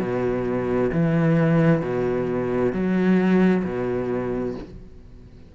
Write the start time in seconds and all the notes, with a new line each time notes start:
0.00 B2
0.93 E3
1.82 B2
2.73 F#3
3.64 B2